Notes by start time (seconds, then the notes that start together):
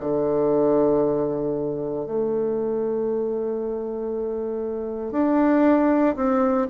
0.00 D3
2.05 A3
5.12 D4
6.16 C4